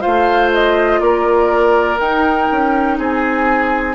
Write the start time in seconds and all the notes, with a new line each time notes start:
0.00 A3 F4 C5 F5
0.53 D#5
1.00 A#3 A#4 D5
1.98 D#4 G5
2.51 C#4
2.98 C4 G#4 G#5